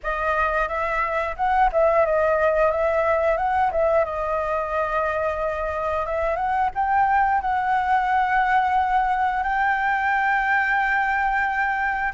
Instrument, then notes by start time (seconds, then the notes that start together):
flute
0.03 D#5
0.68 E5
1.36 F#5
1.72 E5
2.05 D#5
2.71 E5
3.37 F#5
3.71 E5
4.04 D#5
6.06 E5
6.36 F#5
6.74 G5
7.41 F#5
9.43 G5